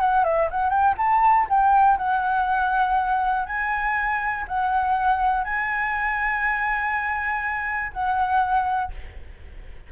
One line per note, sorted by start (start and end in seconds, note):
0.00 0.24 F#5
0.24 0.49 E5
0.51 0.70 F#5
0.70 0.95 G5
0.98 1.47 A5
1.49 1.97 G5
1.97 3.46 F#5
3.46 4.46 G#5
4.48 5.44 F#5
5.44 7.92 G#5
7.93 8.92 F#5